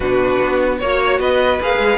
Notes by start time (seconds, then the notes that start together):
0.00 B2 D4 F#4 B4
0.43 B3
0.78 A#3 F#4 C#5
1.19 B3 B4 D#5
1.61 A#3 G#4 F5
1.78 G#3